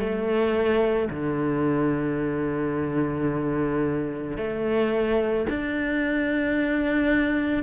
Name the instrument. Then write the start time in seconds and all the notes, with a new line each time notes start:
cello
0.00 A3
1.10 D3
4.37 A3
5.49 D4